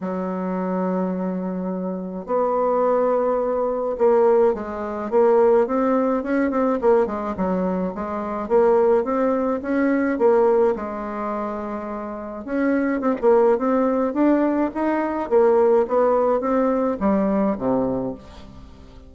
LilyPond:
\new Staff \with { instrumentName = "bassoon" } { \time 4/4 \tempo 4 = 106 fis1 | b2. ais4 | gis4 ais4 c'4 cis'8 c'8 | ais8 gis8 fis4 gis4 ais4 |
c'4 cis'4 ais4 gis4~ | gis2 cis'4 c'16 ais8. | c'4 d'4 dis'4 ais4 | b4 c'4 g4 c4 | }